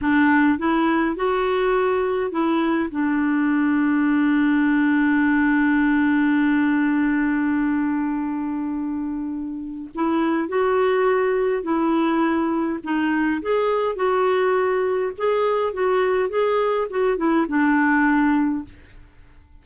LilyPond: \new Staff \with { instrumentName = "clarinet" } { \time 4/4 \tempo 4 = 103 d'4 e'4 fis'2 | e'4 d'2.~ | d'1~ | d'1~ |
d'4 e'4 fis'2 | e'2 dis'4 gis'4 | fis'2 gis'4 fis'4 | gis'4 fis'8 e'8 d'2 | }